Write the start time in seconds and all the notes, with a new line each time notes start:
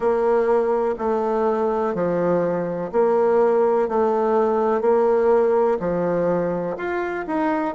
0.00 A#3
0.98 A3
1.94 F3
2.92 A#3
3.88 A3
4.81 A#3
5.79 F3
6.77 F4
7.27 D#4